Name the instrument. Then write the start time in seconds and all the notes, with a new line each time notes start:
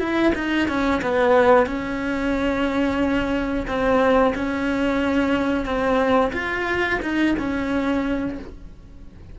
cello
0.00 E4
0.35 D#4
0.68 C#4
1.02 B3
1.67 C#4
3.68 C4
4.35 C#4
5.66 C4
6.33 F4
7.02 D#4
7.39 C#4